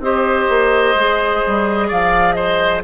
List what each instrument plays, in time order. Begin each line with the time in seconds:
0.00 bassoon C4, clarinet G4, oboe C5, flute D#5
0.49 bassoon A#3
0.95 bassoon G#3, clarinet G#4
1.47 bassoon G3
1.88 bassoon F3, oboe D5, flute F5
2.33 oboe C5, flute D#5